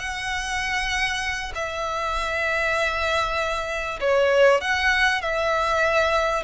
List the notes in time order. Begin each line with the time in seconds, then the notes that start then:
0.00 F#5
1.55 E5
4.01 C#5
4.61 F#5
5.22 E5